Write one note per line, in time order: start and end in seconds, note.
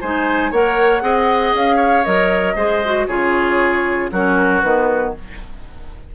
0.00 0.51 G#3
0.00 0.53 D#4
0.00 0.51 C5
0.00 0.52 G#5
0.51 1.02 A#3
0.51 1.01 A#4
0.51 1.02 C#5
0.51 1.55 F#5
1.01 1.53 C4
1.01 2.03 G#4
1.01 1.76 D#5
1.53 2.04 C#4
1.53 2.04 F5
1.76 2.53 C#5
2.04 2.55 F#3
2.04 2.56 A#4
2.04 3.06 D#5
2.55 3.07 G#3
2.55 2.83 G#4
2.55 3.07 C5
2.85 3.09 F#4
3.07 4.10 C#3
3.07 4.11 F4
3.07 4.10 G#4
3.07 4.10 C#5
4.11 4.62 F#3
4.11 4.63 C#4
4.11 5.15 F#4
4.11 4.61 A#4
4.61 5.15 D#3
4.61 5.15 B3
4.61 5.12 B4